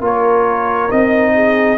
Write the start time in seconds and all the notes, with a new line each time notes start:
0.00 A#3 F4 A#4 C#5
0.90 C4 D#4 D#5
1.34 G#4